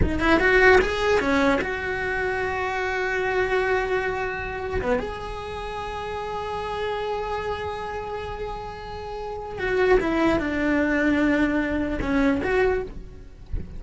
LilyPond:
\new Staff \with { instrumentName = "cello" } { \time 4/4 \tempo 4 = 150 dis'8 e'8 fis'4 gis'4 cis'4 | fis'1~ | fis'1 | b8 gis'2.~ gis'8~ |
gis'1~ | gis'1 | fis'4 e'4 d'2~ | d'2 cis'4 fis'4 | }